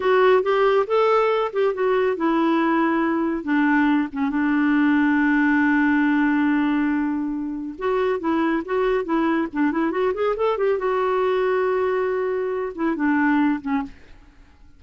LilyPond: \new Staff \with { instrumentName = "clarinet" } { \time 4/4 \tempo 4 = 139 fis'4 g'4 a'4. g'8 | fis'4 e'2. | d'4. cis'8 d'2~ | d'1~ |
d'2 fis'4 e'4 | fis'4 e'4 d'8 e'8 fis'8 gis'8 | a'8 g'8 fis'2.~ | fis'4. e'8 d'4. cis'8 | }